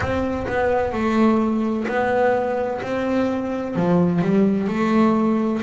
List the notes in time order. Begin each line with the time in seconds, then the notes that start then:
0.00 C4
0.47 B3
0.92 A3
1.87 B3
2.82 C4
3.75 F3
4.21 G3
4.67 A3